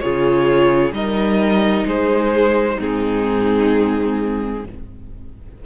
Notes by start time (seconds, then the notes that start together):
0.00 C#3 F4 G#4 C#5
0.92 G3 D#4 A#4 D#5
1.86 G#3 G#4 C5
2.75 G#2 C4 D#4
2.81 G#4